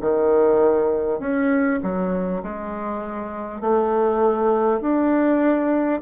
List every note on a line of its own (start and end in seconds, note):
0.00 1.19 D#3
1.19 1.79 C#4
1.82 2.42 F#3
2.43 3.61 G#3
3.61 4.81 A3
4.81 6.01 D4